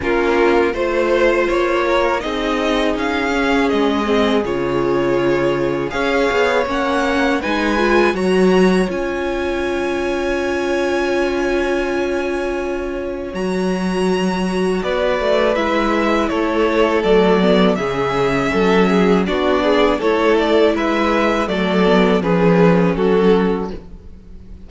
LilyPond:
<<
  \new Staff \with { instrumentName = "violin" } { \time 4/4 \tempo 4 = 81 ais'4 c''4 cis''4 dis''4 | f''4 dis''4 cis''2 | f''4 fis''4 gis''4 ais''4 | gis''1~ |
gis''2 ais''2 | d''4 e''4 cis''4 d''4 | e''2 d''4 cis''8 d''8 | e''4 d''4 b'4 a'4 | }
  \new Staff \with { instrumentName = "violin" } { \time 4/4 f'4 c''4. ais'8 gis'4~ | gis'1 | cis''2 b'4 cis''4~ | cis''1~ |
cis''1 | b'2 a'2 | gis'4 a'8 gis'8 fis'8 gis'8 a'4 | b'4 a'4 gis'4 fis'4 | }
  \new Staff \with { instrumentName = "viola" } { \time 4/4 cis'4 f'2 dis'4~ | dis'8 cis'4 c'8 f'2 | gis'4 cis'4 dis'8 f'8 fis'4 | f'1~ |
f'2 fis'2~ | fis'4 e'2 a8 b8 | cis'2 d'4 e'4~ | e'4 a8 b8 cis'2 | }
  \new Staff \with { instrumentName = "cello" } { \time 4/4 ais4 a4 ais4 c'4 | cis'4 gis4 cis2 | cis'8 b8 ais4 gis4 fis4 | cis'1~ |
cis'2 fis2 | b8 a8 gis4 a4 fis4 | cis4 fis4 b4 a4 | gis4 fis4 f4 fis4 | }
>>